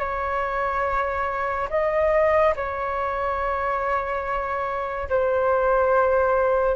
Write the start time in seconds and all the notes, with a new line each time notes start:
0.00 C#5
1.71 D#5
2.56 C#5
5.10 C5